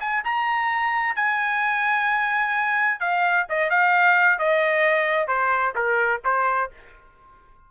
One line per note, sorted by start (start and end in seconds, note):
0.00 0.23 G#5
0.24 1.16 A#5
1.16 3.00 G#5
3.00 3.46 F5
3.49 3.70 D#5
3.70 4.39 F5
4.39 5.27 D#5
5.27 5.74 C5
5.75 6.21 A#4
6.24 6.70 C5